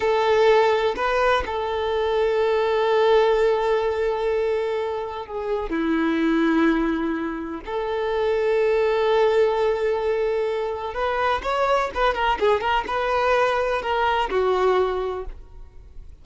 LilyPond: \new Staff \with { instrumentName = "violin" } { \time 4/4 \tempo 4 = 126 a'2 b'4 a'4~ | a'1~ | a'2. gis'4 | e'1 |
a'1~ | a'2. b'4 | cis''4 b'8 ais'8 gis'8 ais'8 b'4~ | b'4 ais'4 fis'2 | }